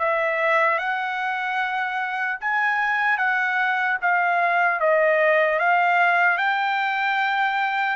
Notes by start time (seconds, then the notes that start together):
0.00 E5
0.79 F#5
2.41 G#5
3.18 F#5
4.02 F5
4.80 D#5
5.60 F5
6.38 G5